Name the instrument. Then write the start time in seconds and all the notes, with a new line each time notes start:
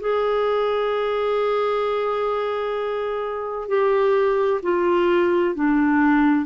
clarinet
0.00 G#4
3.68 G4
4.62 F4
5.55 D4